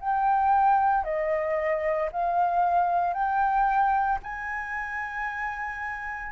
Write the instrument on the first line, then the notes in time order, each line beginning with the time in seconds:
flute
0.00 G5
1.04 D#5
2.11 F5
3.13 G5
4.22 G#5